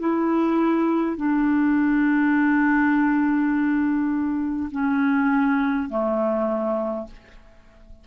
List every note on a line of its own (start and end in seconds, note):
0.00 1.17 E4
1.17 4.70 D4
4.72 5.89 C#4
5.89 7.07 A3